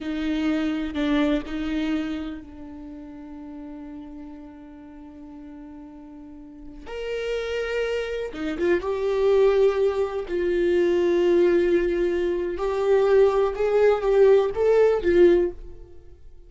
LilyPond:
\new Staff \with { instrumentName = "viola" } { \time 4/4 \tempo 4 = 124 dis'2 d'4 dis'4~ | dis'4 d'2.~ | d'1~ | d'2~ d'16 ais'4.~ ais'16~ |
ais'4~ ais'16 dis'8 f'8 g'4.~ g'16~ | g'4~ g'16 f'2~ f'8.~ | f'2 g'2 | gis'4 g'4 a'4 f'4 | }